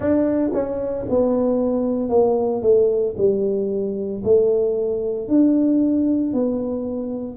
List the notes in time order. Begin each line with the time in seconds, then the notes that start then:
0.00 D4
0.53 C#4
1.09 B3
2.09 A#3
2.62 A3
3.17 G3
4.23 A3
5.27 D4
6.33 B3